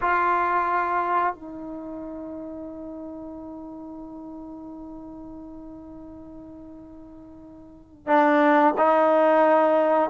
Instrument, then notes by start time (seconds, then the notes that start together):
trombone
0.01 F4
1.35 D#4
8.07 D4
8.77 D#4